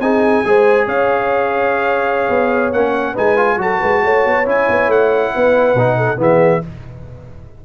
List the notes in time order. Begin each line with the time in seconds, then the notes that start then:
0.00 C4 D#4 G#4 G#5
0.45 G#3 G#4 C5
0.87 C#4 C#5 F5
2.30 B3
2.72 A#3 C#4 F#5
3.13 G#3 D#4 B4 G#5
3.37 F4
3.58 F#3 F#4 A4 A5
3.80 G#3 B4
4.05 A3 C#5
4.25 B3
4.46 C#4 E4 G#5
4.69 B3
4.88 A3 F#5
5.34 B3 B4
5.75 B2 D#4
5.98 A4
6.17 E3 B3 G#4 E5